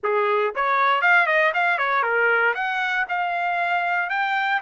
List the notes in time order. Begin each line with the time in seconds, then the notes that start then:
0.03 G#4
0.55 C#5
1.01 F5
1.26 D#5
1.54 F5
1.78 C#5
2.03 A#4
2.54 F#5
3.09 F5
4.09 G5